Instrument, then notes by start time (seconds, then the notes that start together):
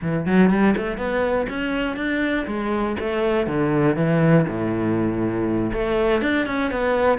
cello
0.01 E3
0.25 F#3
0.50 G3
0.77 A3
0.97 B3
1.49 C#4
1.96 D4
2.47 G#3
2.99 A3
3.47 D3
3.96 E3
4.47 A2
5.72 A3
6.21 D4
6.46 C#4
6.71 B3